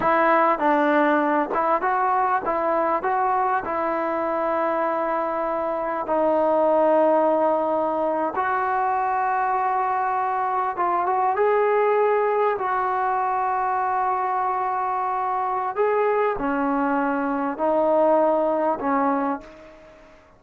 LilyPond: \new Staff \with { instrumentName = "trombone" } { \time 4/4 \tempo 4 = 99 e'4 d'4. e'8 fis'4 | e'4 fis'4 e'2~ | e'2 dis'2~ | dis'4.~ dis'16 fis'2~ fis'16~ |
fis'4.~ fis'16 f'8 fis'8 gis'4~ gis'16~ | gis'8. fis'2.~ fis'16~ | fis'2 gis'4 cis'4~ | cis'4 dis'2 cis'4 | }